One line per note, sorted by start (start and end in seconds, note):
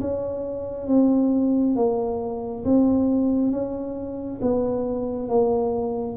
0.00 0.87 C#4
0.87 1.75 C4
1.75 2.64 A#3
2.64 3.51 C4
3.51 4.39 C#4
4.41 5.28 B3
5.28 6.16 A#3